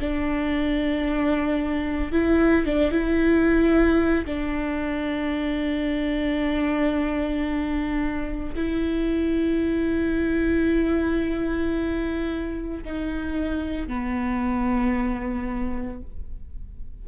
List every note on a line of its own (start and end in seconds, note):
0.00 2.12 D4
2.12 2.66 E4
2.66 2.92 D4
2.92 4.26 E4
4.26 8.54 D4
8.56 12.84 E4
12.85 13.88 D#4
13.88 16.02 B3